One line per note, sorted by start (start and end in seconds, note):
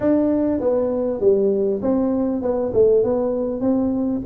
0.00 0.60 D4
0.60 1.20 B3
1.20 1.81 G3
1.82 2.42 C4
2.42 2.72 B3
2.73 3.03 A3
3.03 3.60 B3
3.60 4.21 C4